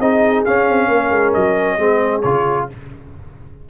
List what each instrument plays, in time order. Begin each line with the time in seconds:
0.00 tuba C4, trombone D#4, horn G#4, trumpet D#5
0.45 trombone C#4, tuba C#4, trumpet F5
0.69 tuba C4
0.88 tuba A#3, horn A#4
1.11 tuba G#3
1.34 tuba F#3, trumpet D#5
1.78 tuba G#3, trombone C4, horn G#4
2.22 tuba C#3, trombone F4, trumpet C#5